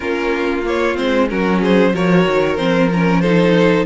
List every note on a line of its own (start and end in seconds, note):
0.00 0.98 A#3
0.00 0.63 C#4
0.00 1.30 F4
0.00 0.63 A#4
0.64 0.95 A#3
0.64 0.96 C#5
0.95 1.31 G#3
0.95 1.27 C4
0.95 1.28 C5
1.28 1.93 F#3
1.28 1.93 C#4
1.28 1.60 F#4
1.28 1.61 A#4
1.60 1.92 G#4
1.60 1.95 C5
1.93 2.26 F3
1.93 2.57 F#4
1.93 3.22 A#4
1.93 2.57 C#5
2.26 2.58 D#3
2.57 3.85 F3
2.57 2.89 C4
2.57 2.89 C5
2.92 3.23 C#4
2.92 3.21 A#4
3.21 3.85 D#4
3.21 3.85 A4
3.21 3.85 C5